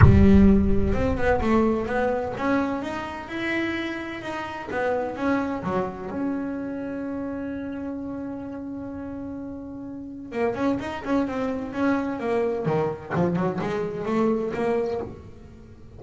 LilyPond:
\new Staff \with { instrumentName = "double bass" } { \time 4/4 \tempo 4 = 128 g2 c'8 b8 a4 | b4 cis'4 dis'4 e'4~ | e'4 dis'4 b4 cis'4 | fis4 cis'2.~ |
cis'1~ | cis'2 ais8 cis'8 dis'8 cis'8 | c'4 cis'4 ais4 dis4 | f8 fis8 gis4 a4 ais4 | }